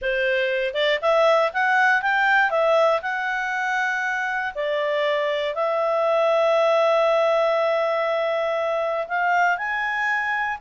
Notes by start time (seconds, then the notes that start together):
0.01 C5
0.74 D5
1.01 E5
1.53 F#5
2.02 G5
2.50 E5
3.02 F#5
4.54 D5
5.54 E5
9.08 F5
9.57 G#5